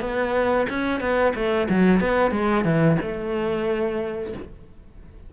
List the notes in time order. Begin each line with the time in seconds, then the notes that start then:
0.00 B3
0.69 C#4
1.00 B3
1.35 A3
1.69 F#3
2.00 B3
2.31 G#3
2.64 E3
3.01 A3